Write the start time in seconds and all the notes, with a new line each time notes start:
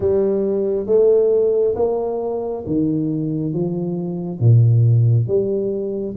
0.00 G3
0.86 A3
1.75 A#3
2.66 D#3
3.53 F3
4.39 A#2
5.27 G3